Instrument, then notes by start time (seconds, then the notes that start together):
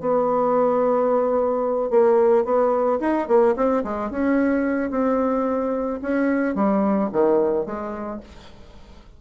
bassoon
0.00 B3
1.90 A#3
2.44 B3
3.00 D#4
3.27 A#3
3.56 C4
3.83 G#3
4.10 C#4
4.90 C4
6.01 C#4
6.55 G3
7.12 D#3
7.65 G#3